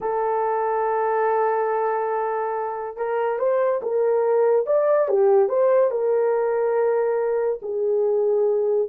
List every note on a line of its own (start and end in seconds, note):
0.00 2.96 A4
2.96 3.38 A#4
3.38 3.80 C5
3.82 4.66 A#4
4.66 5.08 D5
5.08 5.49 G4
5.49 5.91 C5
5.91 7.60 A#4
7.62 8.88 G#4